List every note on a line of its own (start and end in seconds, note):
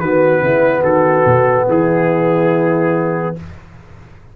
0.00 0.41 D#3
0.00 3.36 B3
0.00 0.42 F#4
0.00 0.83 B4
0.41 0.83 C#3
0.41 0.81 E4
0.81 1.24 D#3
0.81 1.64 F#4
0.81 1.67 A4
1.25 1.67 B2
1.68 3.35 E3
1.68 3.35 E4
1.68 3.36 G#4